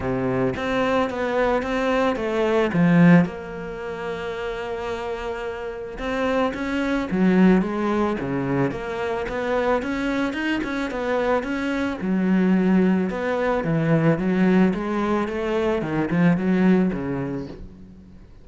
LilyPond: \new Staff \with { instrumentName = "cello" } { \time 4/4 \tempo 4 = 110 c4 c'4 b4 c'4 | a4 f4 ais2~ | ais2. c'4 | cis'4 fis4 gis4 cis4 |
ais4 b4 cis'4 dis'8 cis'8 | b4 cis'4 fis2 | b4 e4 fis4 gis4 | a4 dis8 f8 fis4 cis4 | }